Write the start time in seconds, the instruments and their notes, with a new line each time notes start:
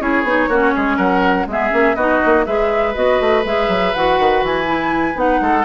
0.00 bassoon C#4, clarinet E4, oboe G#4, flute C#5
0.24 bassoon B3, clarinet D#4
0.49 bassoon A#3, clarinet C#4, oboe F#4
0.75 bassoon G#3, oboe G#4
0.97 bassoon F#3, oboe A#4, flute F#5
1.46 bassoon G#3, clarinet B3, oboe G#4, flute E5
1.70 bassoon A#3, clarinet C#4
1.95 bassoon B3, clarinet D#4, oboe F#4, flute D#5
2.26 bassoon A#3
2.45 bassoon G#3, clarinet G#4, oboe B4, flute E5
2.95 bassoon B3, clarinet F#4, flute D#5
3.20 bassoon A3
3.45 bassoon G#3, clarinet G#4, flute E5
3.68 bassoon F#3
3.95 bassoon E3, clarinet F#4, flute F#5
4.19 bassoon D#3
4.43 bassoon E3, flute G#5
4.65 clarinet E4
5.15 bassoon B3, clarinet D#4, flute F#5
5.41 bassoon G#3, oboe A4